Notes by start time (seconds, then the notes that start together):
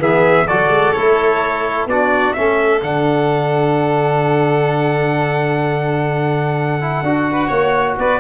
0.00 E3 B3 G#4 E5
0.48 F#3 F#4 A4 D5
0.69 G#3
0.93 A3 E4 C#5
1.86 B3 D4 F#4 D5
2.33 A3 C#4 A4 E5
2.83 D3 D4 F#5
6.81 E4
7.03 D4 F#4
7.33 B4
7.48 A#3 C#5
7.98 B3 B4 D5